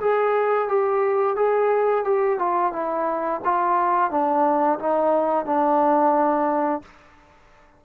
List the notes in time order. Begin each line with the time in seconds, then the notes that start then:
0.00 G#4
0.68 G4
1.36 G#4
2.04 G4
2.39 F4
2.72 E4
3.44 F4
4.10 D4
4.79 D#4
5.45 D4